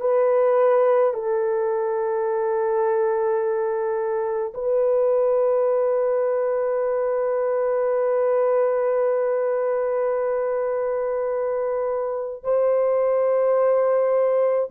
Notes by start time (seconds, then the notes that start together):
0.00 B4
1.13 A4
4.53 B4
12.43 C5